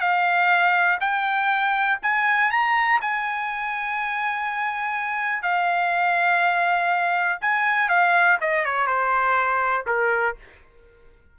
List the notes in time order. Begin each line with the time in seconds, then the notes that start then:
0.00 F5
1.00 G5
2.02 G#5
2.51 A#5
3.01 G#5
5.42 F5
7.41 G#5
7.89 F5
8.41 D#5
8.65 C#5
8.87 C5
9.86 A#4